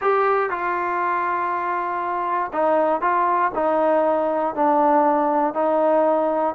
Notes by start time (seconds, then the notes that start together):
0.01 G4
0.50 F4
2.53 D#4
3.01 F4
3.54 D#4
4.55 D4
5.54 D#4